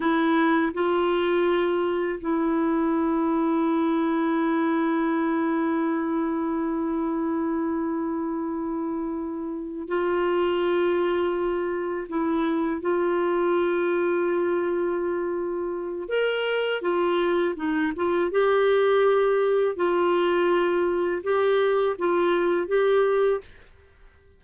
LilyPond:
\new Staff \with { instrumentName = "clarinet" } { \time 4/4 \tempo 4 = 82 e'4 f'2 e'4~ | e'1~ | e'1~ | e'4. f'2~ f'8~ |
f'8 e'4 f'2~ f'8~ | f'2 ais'4 f'4 | dis'8 f'8 g'2 f'4~ | f'4 g'4 f'4 g'4 | }